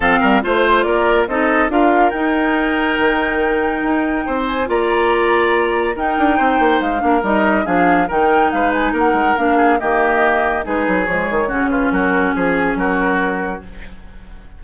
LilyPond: <<
  \new Staff \with { instrumentName = "flute" } { \time 4/4 \tempo 4 = 141 f''4 c''4 d''4 dis''4 | f''4 g''2.~ | g''2~ g''8 gis''8 ais''4~ | ais''2 g''2 |
f''4 dis''4 f''4 g''4 | f''8 gis''8 fis''4 f''4 dis''4~ | dis''4 b'4 cis''4. b'8 | ais'4 gis'4 ais'2 | }
  \new Staff \with { instrumentName = "oboe" } { \time 4/4 a'8 ais'8 c''4 ais'4 a'4 | ais'1~ | ais'2 c''4 d''4~ | d''2 ais'4 c''4~ |
c''8 ais'4. gis'4 ais'4 | b'4 ais'4. gis'8 g'4~ | g'4 gis'2 fis'8 f'8 | fis'4 gis'4 fis'2 | }
  \new Staff \with { instrumentName = "clarinet" } { \time 4/4 c'4 f'2 dis'4 | f'4 dis'2.~ | dis'2. f'4~ | f'2 dis'2~ |
dis'8 d'8 dis'4 d'4 dis'4~ | dis'2 d'4 ais4~ | ais4 dis'4 gis4 cis'4~ | cis'1 | }
  \new Staff \with { instrumentName = "bassoon" } { \time 4/4 f8 g8 a4 ais4 c'4 | d'4 dis'2 dis4~ | dis4 dis'4 c'4 ais4~ | ais2 dis'8 d'8 c'8 ais8 |
gis8 ais8 g4 f4 dis4 | gis4 ais8 gis8 ais4 dis4~ | dis4 gis8 fis8 f8 dis8 cis4 | fis4 f4 fis2 | }
>>